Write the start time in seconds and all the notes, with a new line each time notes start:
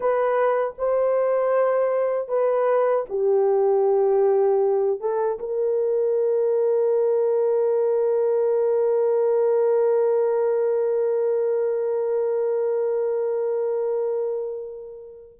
0.00 B4
0.78 C5
2.28 B4
3.09 G4
5.00 A4
5.39 A#4